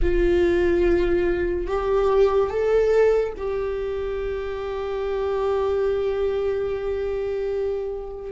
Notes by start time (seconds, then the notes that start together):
0.02 F4
1.67 G4
2.50 A4
3.37 G4